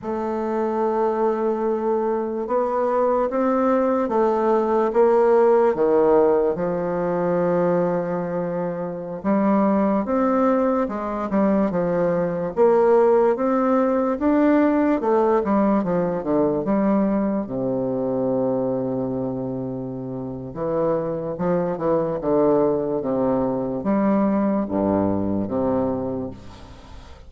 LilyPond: \new Staff \with { instrumentName = "bassoon" } { \time 4/4 \tempo 4 = 73 a2. b4 | c'4 a4 ais4 dis4 | f2.~ f16 g8.~ | g16 c'4 gis8 g8 f4 ais8.~ |
ais16 c'4 d'4 a8 g8 f8 d16~ | d16 g4 c2~ c8.~ | c4 e4 f8 e8 d4 | c4 g4 g,4 c4 | }